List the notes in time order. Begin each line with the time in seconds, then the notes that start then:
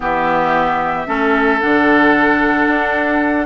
0.00 E3 B3 G4 E5
1.06 A3 C#4 A4
1.60 D3 D4 F#5
2.67 D4